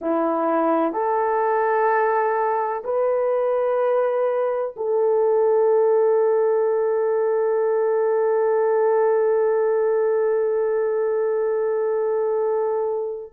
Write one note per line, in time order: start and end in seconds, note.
0.01 0.93 E4
0.93 2.83 A4
2.84 4.74 B4
4.76 13.33 A4